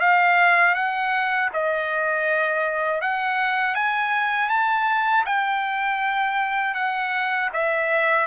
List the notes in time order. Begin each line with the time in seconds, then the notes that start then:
0.00 F5
0.75 F#5
1.53 D#5
3.01 F#5
3.75 G#5
4.49 A5
5.25 G5
6.74 F#5
7.53 E5